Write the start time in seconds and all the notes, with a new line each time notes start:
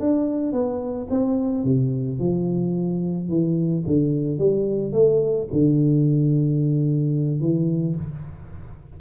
0.00 D4
0.52 B3
1.10 C4
1.64 C3
2.19 F3
3.29 E3
3.87 D3
4.38 G3
4.92 A3
5.52 D3
7.40 E3